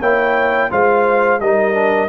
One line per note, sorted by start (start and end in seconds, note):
0.00 0.70 A#3
0.00 0.71 E4
0.00 0.70 C#5
0.00 0.72 G5
0.71 1.41 G#3
0.71 1.41 F4
0.71 1.41 C5
0.71 1.41 F5
1.41 2.09 G3
1.41 1.74 D#4
1.41 2.09 A#4
1.41 2.09 D#5
1.74 2.09 D4